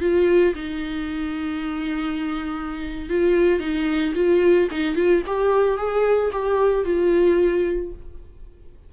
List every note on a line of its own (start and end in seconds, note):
0.00 0.54 F4
0.55 3.09 D#4
3.09 3.60 F4
3.60 4.13 D#4
4.15 4.69 F4
4.71 4.96 D#4
4.96 5.22 F4
5.27 5.77 G4
5.77 6.31 G#4
6.32 6.84 G4
6.84 7.92 F4